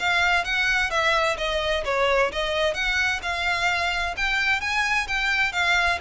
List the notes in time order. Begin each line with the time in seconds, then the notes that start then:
0.00 F5
0.45 F#5
0.90 E5
1.38 D#5
1.85 C#5
2.32 D#5
2.74 F#5
3.23 F5
4.17 G5
4.61 G#5
5.08 G5
5.53 F5